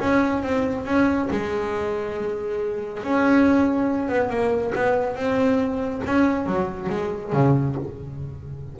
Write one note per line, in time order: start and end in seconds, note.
0.00 0.43 C#4
0.43 0.86 C4
0.86 1.29 C#4
1.31 3.04 G#3
3.04 4.09 C#4
4.09 4.30 B3
4.30 4.73 A#3
4.75 5.16 B3
5.16 6.02 C4
6.06 6.46 C#4
6.46 6.90 F#3
6.90 7.33 G#3
7.33 7.76 C#3